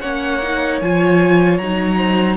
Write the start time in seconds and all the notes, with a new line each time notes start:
0.00 A#3 C#4 C#5 F#5
0.42 D#4
0.81 F3 F4 G#5
1.57 F#3 D#4 A#5
1.97 C5